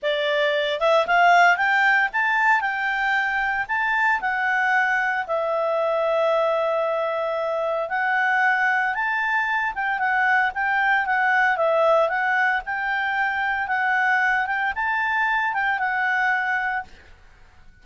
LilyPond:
\new Staff \with { instrumentName = "clarinet" } { \time 4/4 \tempo 4 = 114 d''4. e''8 f''4 g''4 | a''4 g''2 a''4 | fis''2 e''2~ | e''2. fis''4~ |
fis''4 a''4. g''8 fis''4 | g''4 fis''4 e''4 fis''4 | g''2 fis''4. g''8 | a''4. g''8 fis''2 | }